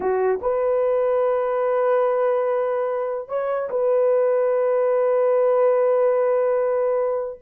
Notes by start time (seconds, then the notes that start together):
0.00 F#4
0.41 B4
3.28 C#5
3.69 B4